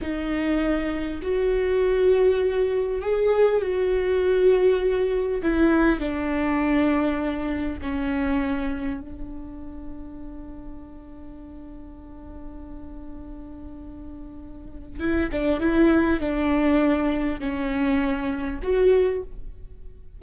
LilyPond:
\new Staff \with { instrumentName = "viola" } { \time 4/4 \tempo 4 = 100 dis'2 fis'2~ | fis'4 gis'4 fis'2~ | fis'4 e'4 d'2~ | d'4 cis'2 d'4~ |
d'1~ | d'1~ | d'4 e'8 d'8 e'4 d'4~ | d'4 cis'2 fis'4 | }